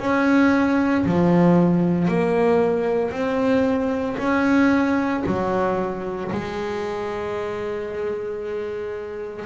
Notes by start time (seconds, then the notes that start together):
0.00 C#4
1.06 F3
2.09 A#3
3.11 C4
4.18 C#4
5.26 F#3
6.32 G#3